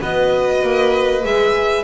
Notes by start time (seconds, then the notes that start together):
0.00 B3 F#4 B4 D#5
0.63 A#3
1.24 G#3 G#4 E5